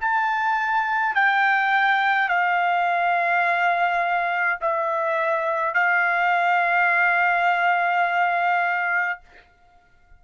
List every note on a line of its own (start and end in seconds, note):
0.00 1.15 A5
1.15 2.28 G5
2.28 4.59 F5
4.61 5.74 E5
5.74 9.20 F5